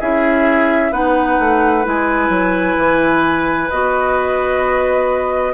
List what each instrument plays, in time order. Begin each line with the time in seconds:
0.00 bassoon C#4, clarinet E4, oboe G#4, flute E5
0.91 bassoon B3, clarinet D#4, oboe B4, flute F#5
1.39 bassoon A3
1.84 bassoon G#3, clarinet E4, flute G#5
2.29 bassoon F#3
2.78 bassoon E3
3.70 bassoon B3, clarinet F#4, flute D#5